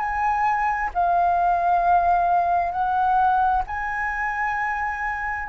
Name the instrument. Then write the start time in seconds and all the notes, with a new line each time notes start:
flute
0.00 G#5
0.94 F5
2.72 F#5
3.67 G#5